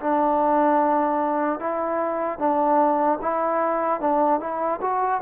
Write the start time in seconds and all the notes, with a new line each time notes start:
0.00 D4
1.59 E4
2.39 D4
3.21 E4
4.00 D4
4.40 E4
4.81 F#4